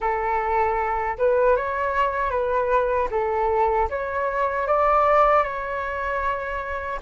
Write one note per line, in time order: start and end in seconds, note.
0.00 1.17 A4
1.18 1.56 B4
1.56 2.30 C#5
2.30 3.08 B4
3.11 3.89 A4
3.89 4.67 C#5
4.67 5.43 D5
5.43 6.99 C#5